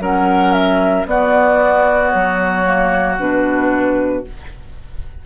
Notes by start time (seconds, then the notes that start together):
0.00 F#3 C#4 A#4 F#5
0.53 E5
1.06 B3 F#4 D5
2.10 F#3 C#5
2.64 A#3
3.19 B2 D4 B4